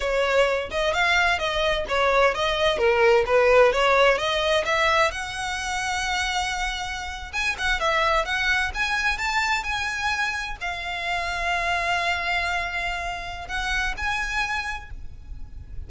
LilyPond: \new Staff \with { instrumentName = "violin" } { \time 4/4 \tempo 4 = 129 cis''4. dis''8 f''4 dis''4 | cis''4 dis''4 ais'4 b'4 | cis''4 dis''4 e''4 fis''4~ | fis''2.~ fis''8. gis''16~ |
gis''16 fis''8 e''4 fis''4 gis''4 a''16~ | a''8. gis''2 f''4~ f''16~ | f''1~ | f''4 fis''4 gis''2 | }